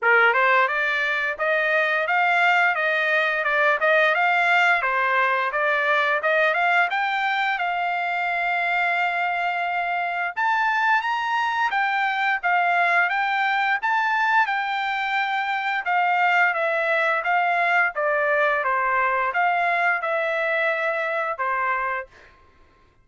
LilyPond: \new Staff \with { instrumentName = "trumpet" } { \time 4/4 \tempo 4 = 87 ais'8 c''8 d''4 dis''4 f''4 | dis''4 d''8 dis''8 f''4 c''4 | d''4 dis''8 f''8 g''4 f''4~ | f''2. a''4 |
ais''4 g''4 f''4 g''4 | a''4 g''2 f''4 | e''4 f''4 d''4 c''4 | f''4 e''2 c''4 | }